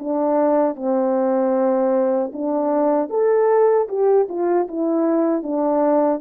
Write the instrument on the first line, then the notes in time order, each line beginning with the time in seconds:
horn
0.00 D4
0.76 C4
2.33 D4
3.10 A4
3.89 G4
4.29 F4
4.68 E4
5.43 D4